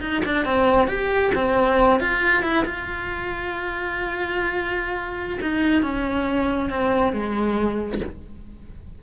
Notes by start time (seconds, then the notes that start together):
0.00 D#4
0.25 D4
0.45 C4
0.87 G4
1.35 C4
2.00 F4
2.42 E4
2.65 F4
5.41 D#4
5.82 C#4
6.69 C4
7.12 G#3